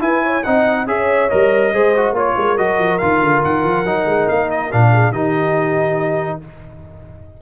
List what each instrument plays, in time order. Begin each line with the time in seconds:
0.00 trombone E4, tuba E4, horn B4, trumpet G#5
0.23 horn C#5
0.44 tuba C4, trombone D#4, horn D#5, trumpet F#5
0.87 tuba C#4, trombone G#4, horn C#5, trumpet E5
1.29 tuba G3, trombone A#4, trumpet D#5
1.73 tuba G#3, trombone G#4, horn C5
1.97 trombone F#4
2.12 tuba A#3, trombone F4, horn C#5, trumpet C#5
2.36 tuba G#3, horn A#4
2.58 tuba F#3, trombone F#4, trumpet D#5
2.79 tuba F3
2.98 tuba D#3, trombone F4, trumpet F5
3.21 tuba D3
3.44 tuba D#3, trumpet F#5
3.64 tuba F3
3.84 tuba F#3, trombone D#4
4.06 tuba G#3
4.29 tuba A#3, trumpet F5
4.51 trumpet D#5
4.72 tuba A#2, trombone D4, trumpet F5
4.92 horn G#4
5.12 tuba D#3, trombone D#4, horn G4, trumpet D#5